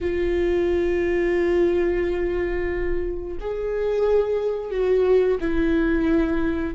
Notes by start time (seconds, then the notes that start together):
0.01 F4
3.40 G#4
4.70 F#4
5.40 E4